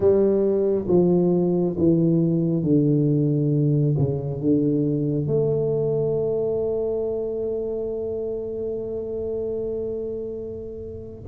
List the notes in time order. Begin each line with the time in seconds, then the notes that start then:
0.00 G3
0.88 F3
1.78 E3
2.63 D3
3.97 C#3
4.40 D3
5.27 A3